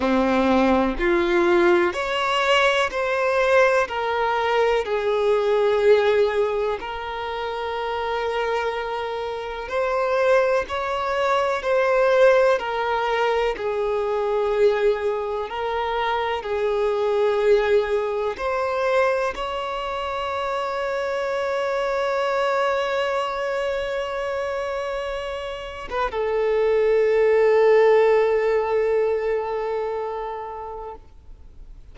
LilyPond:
\new Staff \with { instrumentName = "violin" } { \time 4/4 \tempo 4 = 62 c'4 f'4 cis''4 c''4 | ais'4 gis'2 ais'4~ | ais'2 c''4 cis''4 | c''4 ais'4 gis'2 |
ais'4 gis'2 c''4 | cis''1~ | cis''2~ cis''8. b'16 a'4~ | a'1 | }